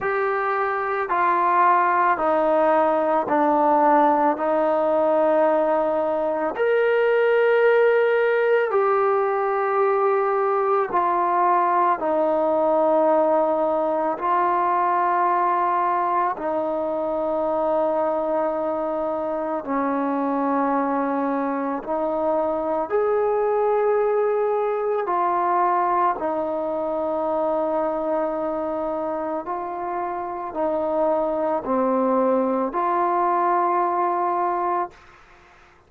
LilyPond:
\new Staff \with { instrumentName = "trombone" } { \time 4/4 \tempo 4 = 55 g'4 f'4 dis'4 d'4 | dis'2 ais'2 | g'2 f'4 dis'4~ | dis'4 f'2 dis'4~ |
dis'2 cis'2 | dis'4 gis'2 f'4 | dis'2. f'4 | dis'4 c'4 f'2 | }